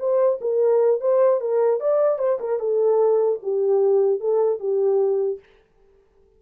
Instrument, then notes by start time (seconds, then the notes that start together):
horn
0.00 C5
0.41 A#4
1.01 C5
1.41 A#4
1.81 D5
2.19 C5
2.40 A#4
2.60 A4
3.43 G4
4.21 A4
4.60 G4